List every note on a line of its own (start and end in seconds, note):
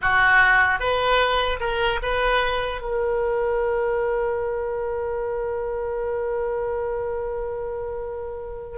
0.01 0.79 F#4
0.79 1.59 B4
1.59 1.99 A#4
2.02 2.81 B4
2.81 8.78 A#4